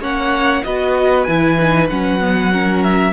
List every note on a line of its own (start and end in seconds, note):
0.00 0.62 A#3
0.00 0.64 C#4
0.00 0.63 C#5
0.00 0.64 F#5
0.64 1.28 B3
0.64 1.28 F#4
0.64 2.52 B4
0.64 1.24 D#5
1.24 1.90 E3
1.24 1.59 E4
1.24 1.87 G#5
1.59 1.90 D#4
1.90 3.13 F#3
1.90 2.21 C#4
1.90 2.83 F#5
2.21 2.52 B3
2.52 3.13 C#4
2.52 3.13 A#4
2.83 3.13 E5